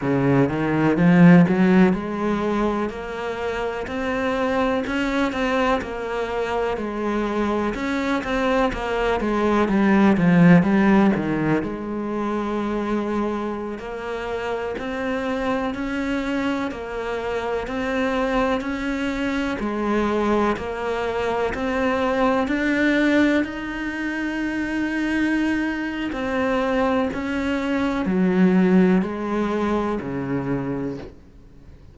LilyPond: \new Staff \with { instrumentName = "cello" } { \time 4/4 \tempo 4 = 62 cis8 dis8 f8 fis8 gis4 ais4 | c'4 cis'8 c'8 ais4 gis4 | cis'8 c'8 ais8 gis8 g8 f8 g8 dis8 | gis2~ gis16 ais4 c'8.~ |
c'16 cis'4 ais4 c'4 cis'8.~ | cis'16 gis4 ais4 c'4 d'8.~ | d'16 dis'2~ dis'8. c'4 | cis'4 fis4 gis4 cis4 | }